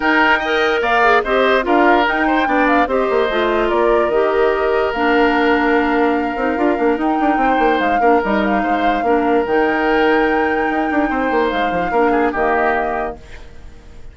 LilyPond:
<<
  \new Staff \with { instrumentName = "flute" } { \time 4/4 \tempo 4 = 146 g''2 f''4 dis''4 | f''4 g''4. f''8 dis''4~ | dis''4 d''4 dis''2 | f''1~ |
f''4 g''2 f''4 | dis''8 f''2~ f''8 g''4~ | g''1 | f''2 dis''2 | }
  \new Staff \with { instrumentName = "oboe" } { \time 4/4 ais'4 dis''4 d''4 c''4 | ais'4. c''8 d''4 c''4~ | c''4 ais'2.~ | ais'1~ |
ais'2 c''4. ais'8~ | ais'4 c''4 ais'2~ | ais'2. c''4~ | c''4 ais'8 gis'8 g'2 | }
  \new Staff \with { instrumentName = "clarinet" } { \time 4/4 dis'4 ais'4. gis'8 g'4 | f'4 dis'4 d'4 g'4 | f'2 g'2 | d'2.~ d'8 dis'8 |
f'8 d'8 dis'2~ dis'8 d'8 | dis'2 d'4 dis'4~ | dis'1~ | dis'4 d'4 ais2 | }
  \new Staff \with { instrumentName = "bassoon" } { \time 4/4 dis'2 ais4 c'4 | d'4 dis'4 b4 c'8 ais8 | a4 ais4 dis2 | ais2.~ ais8 c'8 |
d'8 ais8 dis'8 d'8 c'8 ais8 gis8 ais8 | g4 gis4 ais4 dis4~ | dis2 dis'8 d'8 c'8 ais8 | gis8 f8 ais4 dis2 | }
>>